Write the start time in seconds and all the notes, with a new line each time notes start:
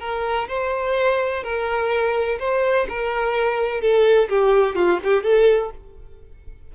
0.00 A#4
0.48 C5
1.43 A#4
2.40 C5
2.89 A#4
3.81 A4
4.29 G4
4.76 F4
5.04 G4
5.23 A4